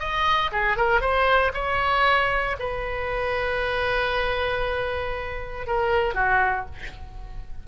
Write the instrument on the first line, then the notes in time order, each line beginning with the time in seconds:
oboe
0.00 D#5
0.52 G#4
0.77 A#4
1.01 C5
1.54 C#5
2.59 B4
5.67 A#4
6.15 F#4